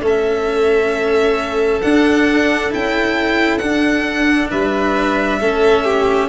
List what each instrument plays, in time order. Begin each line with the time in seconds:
0.00 tuba A3, cello C#4, violin A4
0.06 violin E5
1.81 cello D4, tuba D4, violin F#5
2.70 tuba C#4, cello E4, violin G5
3.57 tuba D4, cello D4, violin F#5
4.50 tuba G3, violin B4 E5
5.40 tuba A3, cello C#4, violin A4
5.84 violin G4